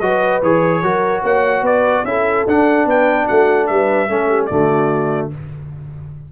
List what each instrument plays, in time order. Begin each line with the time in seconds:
0.00 tuba F#3, trombone F#4, horn B4, trumpet D#5
0.42 tuba E3, trombone G#4, trumpet C#5
0.82 tuba F#3, trombone F#4, horn A#4
1.22 tuba A#3, horn C#5, trumpet F#5
1.62 tuba B3, horn B4, trumpet D5
2.04 tuba C#4, trombone E4, horn A4, trumpet E5
2.46 tuba D4, trombone D4, trumpet F#5
2.85 tuba B3, horn B4, trumpet G5
3.26 tuba A3, horn F#4, trumpet F#5
3.67 tuba G3, horn B4, trumpet E5
4.09 tuba A3, trombone C#4, horn A4
4.28 horn G4
4.46 tuba D3, trombone A3, horn F#4, trumpet D5